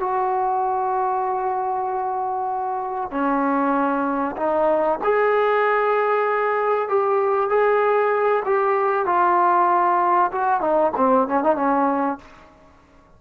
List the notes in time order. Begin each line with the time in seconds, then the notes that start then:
0.00 F#4
3.11 C#4
4.37 D#4
5.04 G#4
6.89 G4
7.49 G#4
8.46 G4
9.06 F4
10.32 F#4
10.61 D#4
10.97 C4
11.28 C#4
11.44 D#4
11.56 C#4